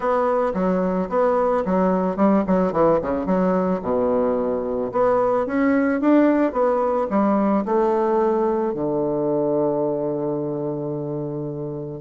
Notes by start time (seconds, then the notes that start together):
0.00 B3
0.54 F#3
1.09 B3
1.65 F#3
2.16 G3
2.47 F#3
2.72 E3
3.01 C#3
3.26 F#3
3.82 B2
4.92 B3
5.46 C#4
6.00 D4
6.52 B3
7.10 G3
7.65 A3
8.73 D3